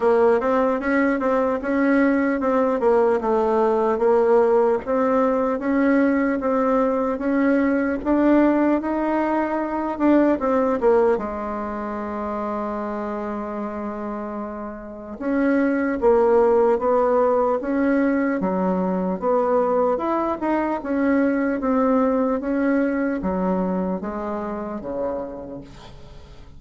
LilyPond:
\new Staff \with { instrumentName = "bassoon" } { \time 4/4 \tempo 4 = 75 ais8 c'8 cis'8 c'8 cis'4 c'8 ais8 | a4 ais4 c'4 cis'4 | c'4 cis'4 d'4 dis'4~ | dis'8 d'8 c'8 ais8 gis2~ |
gis2. cis'4 | ais4 b4 cis'4 fis4 | b4 e'8 dis'8 cis'4 c'4 | cis'4 fis4 gis4 cis4 | }